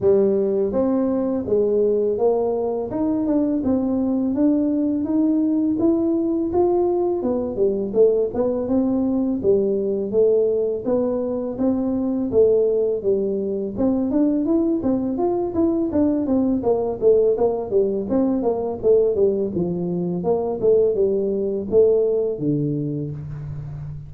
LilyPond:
\new Staff \with { instrumentName = "tuba" } { \time 4/4 \tempo 4 = 83 g4 c'4 gis4 ais4 | dis'8 d'8 c'4 d'4 dis'4 | e'4 f'4 b8 g8 a8 b8 | c'4 g4 a4 b4 |
c'4 a4 g4 c'8 d'8 | e'8 c'8 f'8 e'8 d'8 c'8 ais8 a8 | ais8 g8 c'8 ais8 a8 g8 f4 | ais8 a8 g4 a4 d4 | }